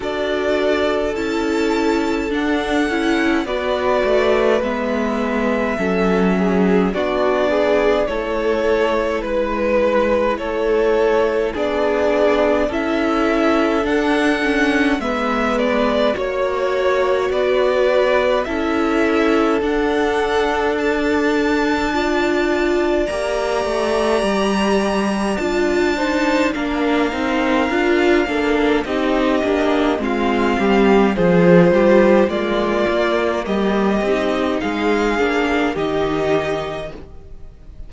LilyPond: <<
  \new Staff \with { instrumentName = "violin" } { \time 4/4 \tempo 4 = 52 d''4 a''4 fis''4 d''4 | e''2 d''4 cis''4 | b'4 cis''4 d''4 e''4 | fis''4 e''8 d''8 cis''4 d''4 |
e''4 fis''4 a''2 | ais''2 a''4 f''4~ | f''4 dis''4 f''4 c''4 | d''4 dis''4 f''4 dis''4 | }
  \new Staff \with { instrumentName = "violin" } { \time 4/4 a'2. b'4~ | b'4 a'8 gis'8 fis'8 gis'8 a'4 | b'4 a'4 gis'4 a'4~ | a'4 b'4 cis''4 b'4 |
a'2. d''4~ | d''2~ d''8 c''8 ais'4~ | ais'8 a'8 g'4 f'8 g'8 gis'8 g'8 | f'4 g'4 gis'4 g'4 | }
  \new Staff \with { instrumentName = "viola" } { \time 4/4 fis'4 e'4 d'8 e'8 fis'4 | b4 cis'4 d'4 e'4~ | e'2 d'4 e'4 | d'8 cis'8 b4 fis'2 |
e'4 d'2 f'4 | g'2 f'8 dis'8 d'8 dis'8 | f'8 d'8 dis'8 d'8 c'4 f'4 | ais4. dis'4 d'8 dis'4 | }
  \new Staff \with { instrumentName = "cello" } { \time 4/4 d'4 cis'4 d'8 cis'8 b8 a8 | gis4 fis4 b4 a4 | gis4 a4 b4 cis'4 | d'4 gis4 ais4 b4 |
cis'4 d'2. | ais8 a8 g4 d'4 ais8 c'8 | d'8 ais8 c'8 ais8 gis8 g8 f8 g8 | gis8 ais8 g8 c'8 gis8 ais8 dis4 | }
>>